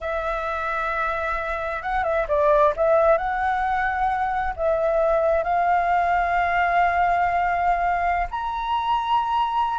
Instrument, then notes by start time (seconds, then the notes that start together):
flute
0.00 E5
1.82 F#5
2.03 E5
2.28 D5
2.76 E5
3.17 F#5
4.56 E5
5.43 F5
8.31 A#5